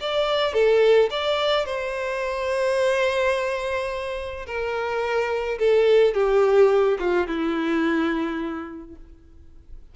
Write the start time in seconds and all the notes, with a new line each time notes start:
0.00 D5
0.53 A4
1.10 D5
1.65 C5
4.46 A#4
5.58 A4
6.14 G4
6.99 F4
7.27 E4